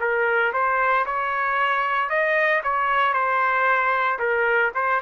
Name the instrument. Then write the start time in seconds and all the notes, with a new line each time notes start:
trumpet
0.00 A#4
0.53 C5
1.06 C#5
2.09 D#5
2.63 C#5
3.13 C5
4.19 A#4
4.75 C5